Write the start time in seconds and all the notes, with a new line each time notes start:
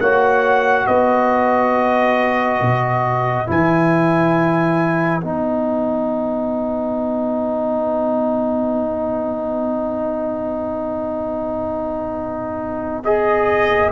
0.00 A#3 F#4 C#5 F#5
0.86 B3 B4 D#5
2.61 B2
3.47 E3 E4 G#5
5.21 B3 D#4 F#5
13.04 G#4 D#5